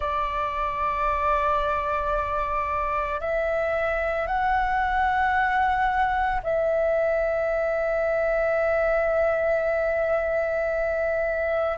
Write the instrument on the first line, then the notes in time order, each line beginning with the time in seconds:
flute
0.00 D5
3.20 E5
4.26 F#5
6.43 E5